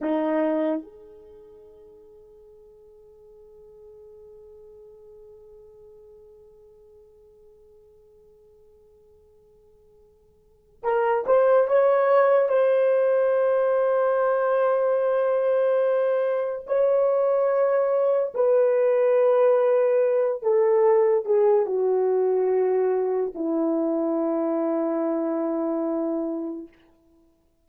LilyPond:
\new Staff \with { instrumentName = "horn" } { \time 4/4 \tempo 4 = 72 dis'4 gis'2.~ | gis'1~ | gis'1~ | gis'4 ais'8 c''8 cis''4 c''4~ |
c''1 | cis''2 b'2~ | b'8 a'4 gis'8 fis'2 | e'1 | }